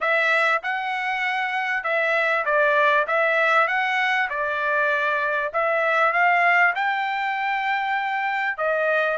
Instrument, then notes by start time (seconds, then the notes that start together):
trumpet
0.00 E5
0.62 F#5
1.83 E5
2.45 D5
3.07 E5
3.67 F#5
4.29 D5
5.53 E5
6.13 F5
6.75 G5
8.57 D#5